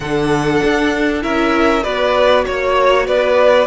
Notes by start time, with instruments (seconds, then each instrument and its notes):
0.00 cello D3, viola D4, violin A4 F#5
0.63 cello D4
1.21 cello C#4, viola E4, violin A#4 E5
1.83 cello B3, viola F#4, violin B4 D5
2.45 cello A#3, violin C#5
3.07 cello B3, violin B4 D5